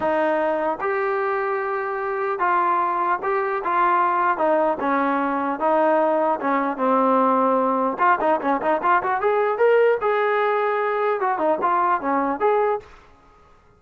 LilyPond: \new Staff \with { instrumentName = "trombone" } { \time 4/4 \tempo 4 = 150 dis'2 g'2~ | g'2 f'2 | g'4 f'2 dis'4 | cis'2 dis'2 |
cis'4 c'2. | f'8 dis'8 cis'8 dis'8 f'8 fis'8 gis'4 | ais'4 gis'2. | fis'8 dis'8 f'4 cis'4 gis'4 | }